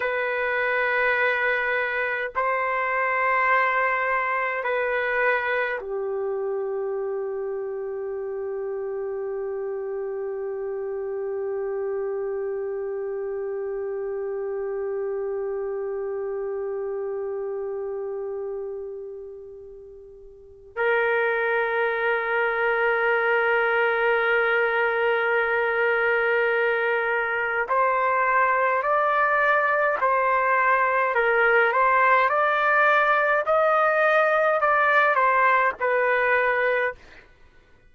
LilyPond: \new Staff \with { instrumentName = "trumpet" } { \time 4/4 \tempo 4 = 52 b'2 c''2 | b'4 g'2.~ | g'1~ | g'1~ |
g'2 ais'2~ | ais'1 | c''4 d''4 c''4 ais'8 c''8 | d''4 dis''4 d''8 c''8 b'4 | }